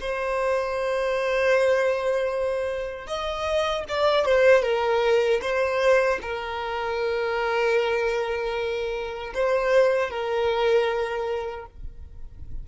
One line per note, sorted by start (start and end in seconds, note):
0.00 3.07 C5
3.07 3.85 D#5
3.89 4.25 D5
4.25 4.62 C5
4.62 5.40 A#4
5.41 6.19 C5
6.22 9.33 A#4
9.34 10.10 C5
10.10 11.66 A#4